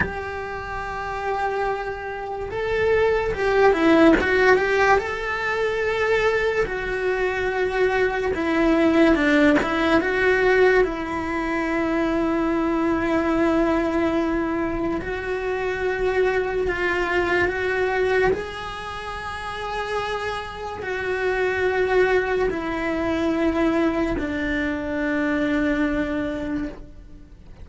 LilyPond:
\new Staff \with { instrumentName = "cello" } { \time 4/4 \tempo 4 = 72 g'2. a'4 | g'8 e'8 fis'8 g'8 a'2 | fis'2 e'4 d'8 e'8 | fis'4 e'2.~ |
e'2 fis'2 | f'4 fis'4 gis'2~ | gis'4 fis'2 e'4~ | e'4 d'2. | }